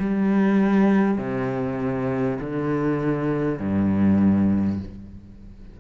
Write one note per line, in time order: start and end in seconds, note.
0.00 1.19 G3
1.19 2.39 C3
2.41 3.60 D3
3.60 4.80 G2